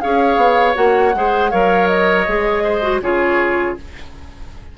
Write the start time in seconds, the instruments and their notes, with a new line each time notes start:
0.00 bassoon C#4, clarinet G#4, oboe C#5, flute F5
0.36 bassoon B3
0.74 bassoon A#3, clarinet F#4, flute F#5
1.15 bassoon G#3, clarinet G#4, oboe C5
1.51 bassoon F#3, clarinet A#4, oboe C#5, flute F5
1.87 flute D#5
2.27 bassoon G#3, clarinet G#4
2.63 oboe C5
2.82 clarinet F#4
3.00 bassoon C#3, clarinet F4, oboe G#4, flute C#5